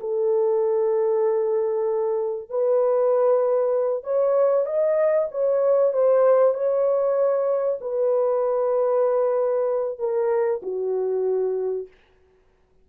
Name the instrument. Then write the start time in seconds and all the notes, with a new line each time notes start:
horn
0.00 A4
2.50 B4
4.04 C#5
4.66 D#5
5.32 C#5
5.93 C5
6.54 C#5
7.81 B4
9.99 A#4
10.63 F#4